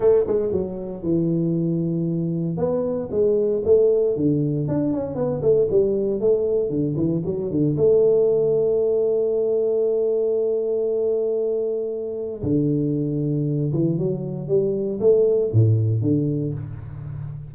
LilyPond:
\new Staff \with { instrumentName = "tuba" } { \time 4/4 \tempo 4 = 116 a8 gis8 fis4 e2~ | e4 b4 gis4 a4 | d4 d'8 cis'8 b8 a8 g4 | a4 d8 e8 fis8 d8 a4~ |
a1~ | a1 | d2~ d8 e8 fis4 | g4 a4 a,4 d4 | }